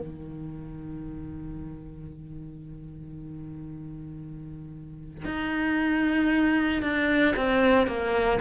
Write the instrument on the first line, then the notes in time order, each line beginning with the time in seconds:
cello
0.00 D#3
5.25 D#4
6.82 D4
7.36 C4
7.87 A#3